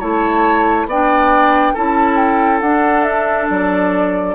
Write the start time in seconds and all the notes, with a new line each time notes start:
0.00 A3 E4 C#5 A5
0.86 B3 D5 G5
0.93 D4
1.74 C#4 E4 A4 A5
2.17 G5
2.61 D4 F#5
3.04 E5
3.50 F#3 D5